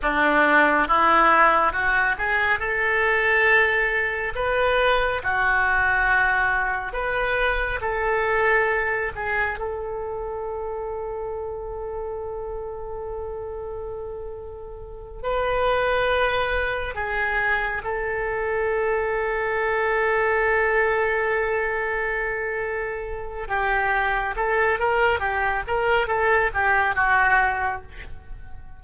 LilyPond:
\new Staff \with { instrumentName = "oboe" } { \time 4/4 \tempo 4 = 69 d'4 e'4 fis'8 gis'8 a'4~ | a'4 b'4 fis'2 | b'4 a'4. gis'8 a'4~ | a'1~ |
a'4. b'2 gis'8~ | gis'8 a'2.~ a'8~ | a'2. g'4 | a'8 ais'8 g'8 ais'8 a'8 g'8 fis'4 | }